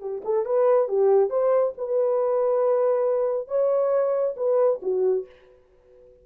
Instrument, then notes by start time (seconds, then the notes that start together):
horn
0.00 G4
0.24 A4
0.45 B4
0.88 G4
1.29 C5
1.77 B4
3.48 C#5
4.36 B4
4.82 F#4